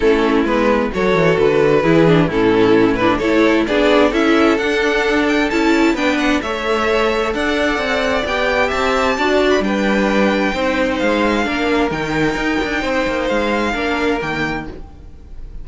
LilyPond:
<<
  \new Staff \with { instrumentName = "violin" } { \time 4/4 \tempo 4 = 131 a'4 b'4 cis''4 b'4~ | b'4 a'4. b'8 cis''4 | d''4 e''4 fis''4. g''8 | a''4 g''8 fis''8 e''2 |
fis''2 g''4 a''4~ | a''8. b''16 g''2. | f''2 g''2~ | g''4 f''2 g''4 | }
  \new Staff \with { instrumentName = "violin" } { \time 4/4 e'2 a'2 | gis'4 e'2 a'4 | gis'4 a'2.~ | a'4 b'4 cis''2 |
d''2. e''4 | d''4 b'2 c''4~ | c''4 ais'2. | c''2 ais'2 | }
  \new Staff \with { instrumentName = "viola" } { \time 4/4 cis'4 b4 fis'2 | e'8 d'8 cis'4. d'8 e'4 | d'4 e'4 d'2 | e'4 d'4 a'2~ |
a'2 g'2 | fis'4 d'2 dis'4~ | dis'4 d'4 dis'2~ | dis'2 d'4 ais4 | }
  \new Staff \with { instrumentName = "cello" } { \time 4/4 a4 gis4 fis8 e8 d4 | e4 a,2 a4 | b4 cis'4 d'2 | cis'4 b4 a2 |
d'4 c'4 b4 c'4 | d'4 g2 c'4 | gis4 ais4 dis4 dis'8 d'8 | c'8 ais8 gis4 ais4 dis4 | }
>>